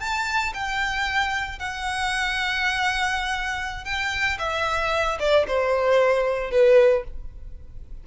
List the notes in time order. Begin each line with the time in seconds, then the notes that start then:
0.00 A5
0.54 G5
1.59 F#5
3.85 G5
4.39 E5
5.20 D5
5.47 C5
6.51 B4